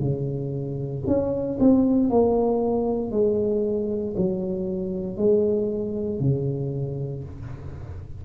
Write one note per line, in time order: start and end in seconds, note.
0.00 1.03 C#3
1.07 1.59 C#4
1.60 2.10 C4
2.10 3.11 A#3
3.11 4.15 G#3
4.17 5.17 F#3
5.17 6.20 G#3
6.20 7.24 C#3